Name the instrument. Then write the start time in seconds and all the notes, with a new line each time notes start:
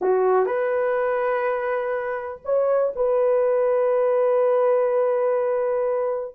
horn
0.01 F#4
0.46 B4
2.44 C#5
2.95 B4